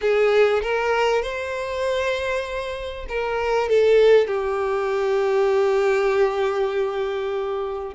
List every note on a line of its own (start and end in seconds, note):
0.01 0.62 G#4
0.62 1.22 A#4
1.22 3.06 C5
3.08 3.69 A#4
3.69 4.27 A4
4.27 7.94 G4